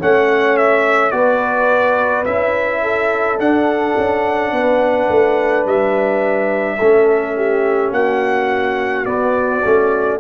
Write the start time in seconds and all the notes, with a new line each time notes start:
0.00 A3 C#4 C#5 F#5
0.57 E5
1.11 B3 F#4 B4 D5
2.25 C#4 E4 E5
2.83 A4
3.38 D4 F#5
3.97 C#4
4.52 B3 B4
5.09 A3
5.66 G3 E5
6.78 A3 C#4 A4
7.37 G4
7.92 A#3 F#4 F#5
9.05 B3 D5
9.64 A3 C#4